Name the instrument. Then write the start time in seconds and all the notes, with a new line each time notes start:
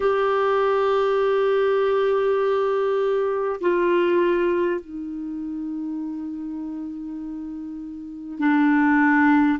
clarinet
0.00 G4
3.61 F4
4.80 D#4
8.38 D4